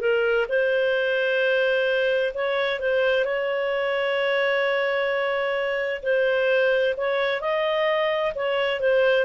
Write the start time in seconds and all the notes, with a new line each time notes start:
0.00 A#4
0.49 C5
2.34 C#5
2.79 C5
3.24 C#5
6.03 C5
6.97 C#5
7.41 D#5
8.35 C#5
8.79 C5